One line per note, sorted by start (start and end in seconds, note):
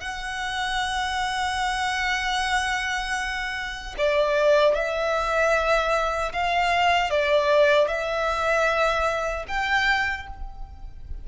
0.00 3.95 F#5
3.98 4.74 D5
4.74 6.32 E5
6.32 7.10 F5
7.10 7.87 D5
7.87 9.45 E5
9.48 10.27 G5